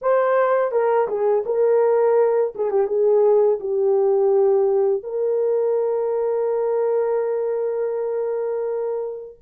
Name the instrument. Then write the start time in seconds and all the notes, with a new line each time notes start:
horn
0.01 C5
0.71 A#4
1.07 G#4
1.45 A#4
2.55 G#4
2.70 G4
2.87 G#4
3.60 G4
5.03 A#4